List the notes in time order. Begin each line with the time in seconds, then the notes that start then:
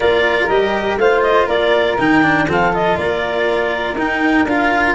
0.00 A#3 F4 A#4 D5
0.48 G3 G4 D#5
0.96 A3 F4 C5 F5
1.22 D#5
1.46 A#3 A#4 D5
1.98 D#3 D#4 G5
2.22 D4
2.47 F3 C4 A4 F5
2.72 F4 D#5
2.97 A#3 A#4 D5
3.93 D#4 G5
4.45 D4 F4 F5